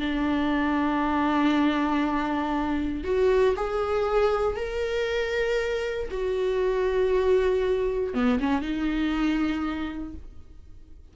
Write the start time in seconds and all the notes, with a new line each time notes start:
0.00 D4
3.04 F#4
3.56 G#4
4.57 A#4
6.11 F#4
8.14 B3
8.40 C#4
8.62 D#4